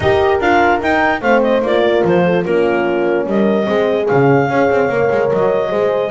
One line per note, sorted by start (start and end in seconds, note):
0.00 0.39 D#4
0.00 0.41 G4
0.00 1.21 A#4
0.00 0.40 D#5
0.40 0.80 D4
0.40 0.79 F4
0.40 0.81 F5
0.79 1.20 D#4
0.79 1.21 D#4
0.79 1.21 G5
1.21 1.61 A3
1.21 1.64 C4
1.21 1.82 C5
1.21 1.42 F5
1.42 1.62 D#5
1.61 2.02 A#3
1.61 2.45 F4
1.61 2.05 D5
1.83 2.24 A#4
2.04 2.45 F3
2.04 2.44 C5
2.24 2.44 A4
2.44 3.26 A#3
2.44 3.63 C#4
2.44 3.26 F4
2.44 3.26 A#4
3.26 3.66 G3
3.26 3.67 A#4
3.26 4.07 D#5
3.63 4.09 G#3
3.63 4.04 C4
3.63 4.48 G#4
4.07 4.49 C#3
4.07 4.50 C#4
4.07 5.29 F5
4.48 4.69 C#4
4.48 4.91 G#4
4.48 5.70 C#5
4.70 4.89 C4
4.89 5.09 A#3
4.89 5.69 A#4
5.11 5.31 G#3
5.33 5.72 F#3
5.33 6.10 D#5
5.69 6.10 G#3
5.69 6.09 G#4
5.69 6.10 C5